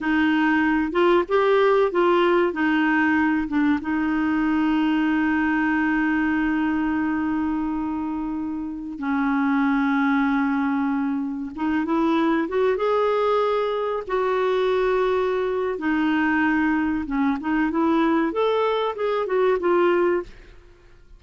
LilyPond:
\new Staff \with { instrumentName = "clarinet" } { \time 4/4 \tempo 4 = 95 dis'4. f'8 g'4 f'4 | dis'4. d'8 dis'2~ | dis'1~ | dis'2~ dis'16 cis'4.~ cis'16~ |
cis'2~ cis'16 dis'8 e'4 fis'16~ | fis'16 gis'2 fis'4.~ fis'16~ | fis'4 dis'2 cis'8 dis'8 | e'4 a'4 gis'8 fis'8 f'4 | }